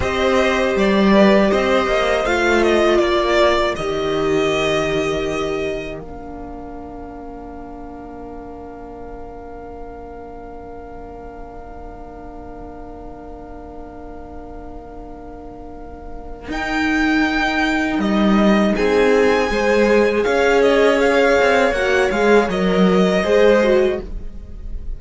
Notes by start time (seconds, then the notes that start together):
0.00 C4 G4 C5 D#5
0.76 G3 D5
1.13 B4
1.50 C4 C5 D#5
1.86 A#3
2.24 A3 F4 F5
2.62 D#5
2.98 A#3 A#4 D5
3.76 D#3 G4 D#5
5.99 A#3 D4 F5
16.48 D#4 G5
17.98 G3 D#5
18.75 C4 G#4 G#5
19.47 G#3 G#4 C5
20.24 C#4 C#5 F5
20.62 D#5
21.00 F5
21.40 C4
21.71 A#3 F#4 F#5
22.10 G#3 G#4 F5
22.48 F#3 A#4 D#5
23.23 G#3 G#4 C5
23.63 F#4